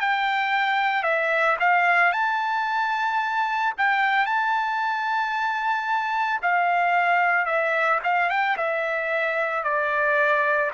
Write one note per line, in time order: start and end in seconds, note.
0.00 1.03 G5
1.03 1.56 E5
1.59 2.12 F5
2.12 3.73 A5
3.77 4.25 G5
4.25 6.39 A5
6.42 7.46 F5
7.46 7.99 E5
8.04 8.29 F5
8.29 8.56 G5
8.57 9.63 E5
9.63 10.70 D5